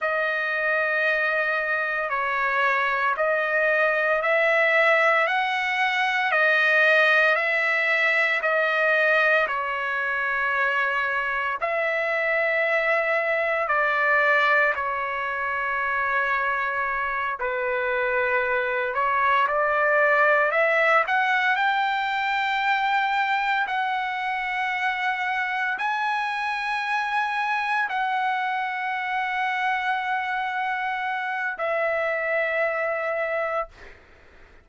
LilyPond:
\new Staff \with { instrumentName = "trumpet" } { \time 4/4 \tempo 4 = 57 dis''2 cis''4 dis''4 | e''4 fis''4 dis''4 e''4 | dis''4 cis''2 e''4~ | e''4 d''4 cis''2~ |
cis''8 b'4. cis''8 d''4 e''8 | fis''8 g''2 fis''4.~ | fis''8 gis''2 fis''4.~ | fis''2 e''2 | }